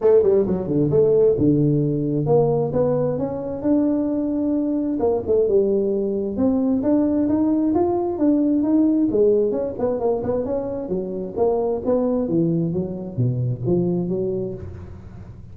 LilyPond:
\new Staff \with { instrumentName = "tuba" } { \time 4/4 \tempo 4 = 132 a8 g8 fis8 d8 a4 d4~ | d4 ais4 b4 cis'4 | d'2. ais8 a8 | g2 c'4 d'4 |
dis'4 f'4 d'4 dis'4 | gis4 cis'8 b8 ais8 b8 cis'4 | fis4 ais4 b4 e4 | fis4 b,4 f4 fis4 | }